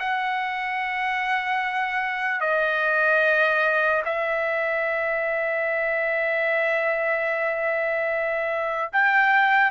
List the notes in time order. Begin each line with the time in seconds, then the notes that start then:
0.00 F#5
2.41 D#5
4.05 E5
8.93 G5